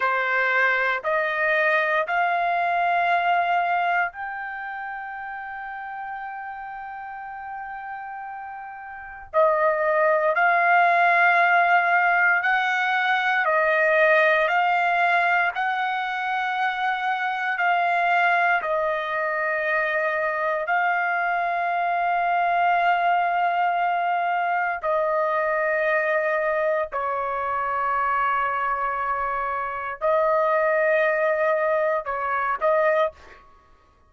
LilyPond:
\new Staff \with { instrumentName = "trumpet" } { \time 4/4 \tempo 4 = 58 c''4 dis''4 f''2 | g''1~ | g''4 dis''4 f''2 | fis''4 dis''4 f''4 fis''4~ |
fis''4 f''4 dis''2 | f''1 | dis''2 cis''2~ | cis''4 dis''2 cis''8 dis''8 | }